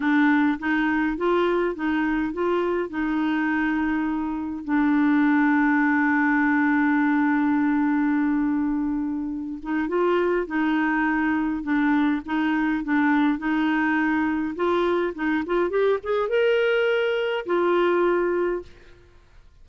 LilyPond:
\new Staff \with { instrumentName = "clarinet" } { \time 4/4 \tempo 4 = 103 d'4 dis'4 f'4 dis'4 | f'4 dis'2. | d'1~ | d'1~ |
d'8 dis'8 f'4 dis'2 | d'4 dis'4 d'4 dis'4~ | dis'4 f'4 dis'8 f'8 g'8 gis'8 | ais'2 f'2 | }